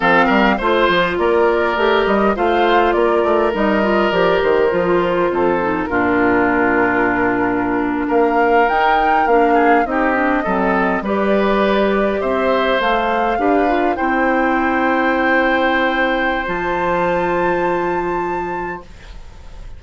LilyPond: <<
  \new Staff \with { instrumentName = "flute" } { \time 4/4 \tempo 4 = 102 f''4 c''4 d''4. dis''8 | f''4 d''4 dis''4 d''8 c''8~ | c''2 ais'2~ | ais'4.~ ais'16 f''4 g''4 f''16~ |
f''8. dis''2 d''4~ d''16~ | d''8. e''4 f''2 g''16~ | g''1 | a''1 | }
  \new Staff \with { instrumentName = "oboe" } { \time 4/4 a'8 ais'8 c''4 ais'2 | c''4 ais'2.~ | ais'4 a'4 f'2~ | f'4.~ f'16 ais'2~ ais'16~ |
ais'16 gis'8 g'4 a'4 b'4~ b'16~ | b'8. c''2 b'4 c''16~ | c''1~ | c''1 | }
  \new Staff \with { instrumentName = "clarinet" } { \time 4/4 c'4 f'2 g'4 | f'2 dis'8 f'8 g'4 | f'4. dis'8 d'2~ | d'2~ d'8. dis'4 d'16~ |
d'8. dis'8 d'8 c'4 g'4~ g'16~ | g'4.~ g'16 a'4 g'8 f'8 e'16~ | e'1 | f'1 | }
  \new Staff \with { instrumentName = "bassoon" } { \time 4/4 f8 g8 a8 f8 ais4 a8 g8 | a4 ais8 a8 g4 f8 dis8 | f4 f,4 ais,2~ | ais,4.~ ais,16 ais4 dis'4 ais16~ |
ais8. c'4 fis4 g4~ g16~ | g8. c'4 a4 d'4 c'16~ | c'1 | f1 | }
>>